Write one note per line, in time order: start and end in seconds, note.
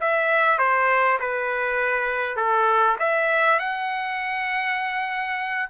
0.00 0.58 E5
0.58 1.18 C5
1.19 2.36 B4
2.36 2.96 A4
2.99 3.59 E5
3.59 5.69 F#5